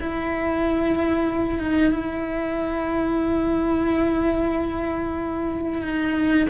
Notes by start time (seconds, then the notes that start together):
0.00 E4
1.59 D#4
1.92 E4
5.82 D#4